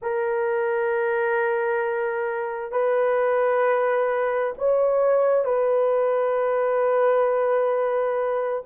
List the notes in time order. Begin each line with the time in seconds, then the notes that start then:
0.02 A#4
2.71 B4
4.57 C#5
5.44 B4